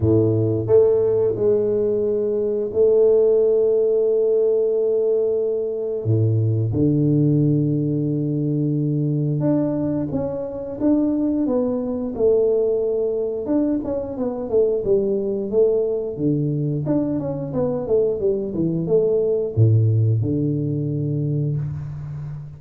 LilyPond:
\new Staff \with { instrumentName = "tuba" } { \time 4/4 \tempo 4 = 89 a,4 a4 gis2 | a1~ | a4 a,4 d2~ | d2 d'4 cis'4 |
d'4 b4 a2 | d'8 cis'8 b8 a8 g4 a4 | d4 d'8 cis'8 b8 a8 g8 e8 | a4 a,4 d2 | }